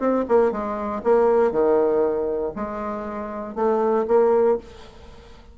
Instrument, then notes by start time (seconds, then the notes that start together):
bassoon
0.00 C4
0.29 A#3
0.52 G#3
1.04 A#3
1.52 D#3
2.56 G#3
3.55 A3
4.08 A#3